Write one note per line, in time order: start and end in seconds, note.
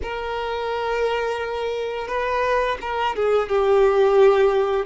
0.02 2.07 A#4
2.07 2.77 B4
2.81 3.15 A#4
3.15 3.48 G#4
3.48 4.85 G4